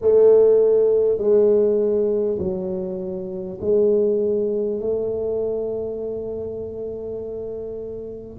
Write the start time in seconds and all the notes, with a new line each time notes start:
0.01 A3
1.17 G#3
2.38 F#3
3.61 G#3
4.80 A3